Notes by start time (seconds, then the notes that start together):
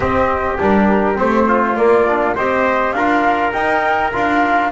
0.00 C4 G4 D#5
0.58 G3 D4 A#4
1.15 A3 C4 C5
1.47 F4
1.75 A#3 D5
2.07 D4
2.35 C4 G4 C5 D#5
2.92 D4 F4 A#4 F5
3.52 D#4 G5
4.12 D4 F4 F5